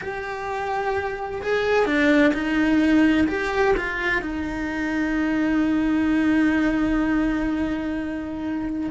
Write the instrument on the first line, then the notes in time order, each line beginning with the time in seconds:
cello
0.01 G4
1.41 G#4
1.85 D4
2.33 D#4
3.27 G4
3.76 F4
4.21 D#4